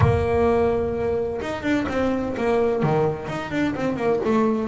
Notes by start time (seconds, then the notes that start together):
0.00 A#3
1.41 D#4
1.62 D4
1.88 C4
2.37 A#3
2.82 D#3
3.28 D#4
3.51 D4
3.75 C4
3.96 A#3
4.24 A3